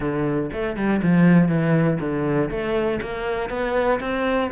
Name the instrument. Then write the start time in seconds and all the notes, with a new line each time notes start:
cello
0.00 D3
0.52 A3
0.76 G3
1.02 F3
1.48 E3
2.00 D3
2.50 A3
3.01 A#3
3.49 B3
4.00 C4